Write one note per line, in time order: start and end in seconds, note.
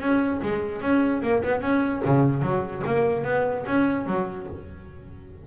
0.00 0.41 C#4
0.42 0.81 G#3
0.81 1.22 C#4
1.22 1.42 A#3
1.43 1.61 B3
1.61 2.02 C#4
2.05 2.41 C#3
2.41 2.82 F#3
2.86 3.24 A#3
3.24 3.65 B3
3.66 4.06 C#4
4.06 4.46 F#3